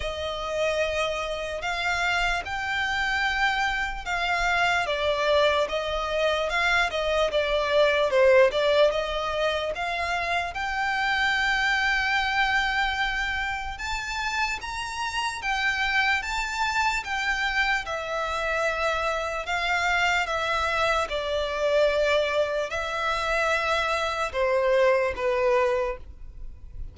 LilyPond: \new Staff \with { instrumentName = "violin" } { \time 4/4 \tempo 4 = 74 dis''2 f''4 g''4~ | g''4 f''4 d''4 dis''4 | f''8 dis''8 d''4 c''8 d''8 dis''4 | f''4 g''2.~ |
g''4 a''4 ais''4 g''4 | a''4 g''4 e''2 | f''4 e''4 d''2 | e''2 c''4 b'4 | }